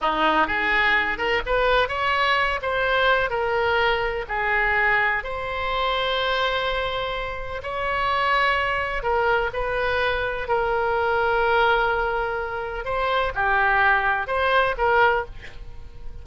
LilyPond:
\new Staff \with { instrumentName = "oboe" } { \time 4/4 \tempo 4 = 126 dis'4 gis'4. ais'8 b'4 | cis''4. c''4. ais'4~ | ais'4 gis'2 c''4~ | c''1 |
cis''2. ais'4 | b'2 ais'2~ | ais'2. c''4 | g'2 c''4 ais'4 | }